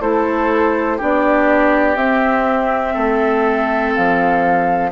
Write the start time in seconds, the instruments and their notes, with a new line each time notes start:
0.00 bassoon A3, clarinet E4, oboe A4, flute C5
0.97 bassoon B3, clarinet D4, oboe G4, flute D5
1.96 bassoon C4, clarinet C4, flute E5
2.94 bassoon A3, oboe A4
3.93 bassoon F3, flute F5